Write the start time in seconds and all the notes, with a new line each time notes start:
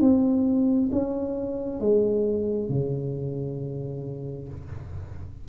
0.00 C4
0.92 C#4
1.80 G#3
2.69 C#3